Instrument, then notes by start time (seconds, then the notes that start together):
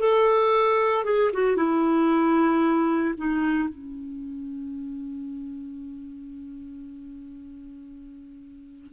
clarinet
0.00 A4
1.05 G#4
1.33 F#4
1.57 E4
3.18 D#4
3.69 C#4